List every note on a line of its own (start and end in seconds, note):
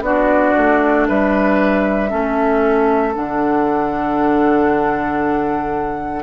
0.00 0.52 B3
0.00 2.09 D4
0.00 1.08 F#4
0.00 1.07 D5
0.57 1.09 A3
1.08 2.12 G3
1.08 2.10 B4
1.08 3.15 E5
2.09 3.16 A3
2.09 3.13 C#4
2.09 6.23 A4
3.15 6.23 D3
3.15 6.23 D4
3.15 6.23 F#5